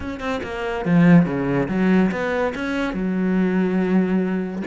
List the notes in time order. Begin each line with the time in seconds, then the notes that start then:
0.00 C#4
0.19 C4
0.43 A#3
0.85 F3
1.25 C#3
1.68 F#3
2.11 B3
2.54 C#4
2.93 F#3